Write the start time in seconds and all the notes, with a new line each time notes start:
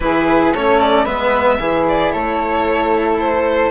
0.00 E3 E4 G#4 B4
0.53 A3 C#4 A4 C#5
0.80 D5
1.04 G#3 B3 B4 E5
1.59 E3 E4 G#4
1.88 D5
2.12 A3 A4 C#5
3.19 C5